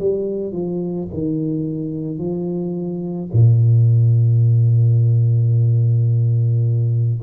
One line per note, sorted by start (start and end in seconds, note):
0.00 0.53 G3
0.53 1.08 F3
1.14 2.19 D#3
2.19 3.30 F3
3.33 7.22 A#2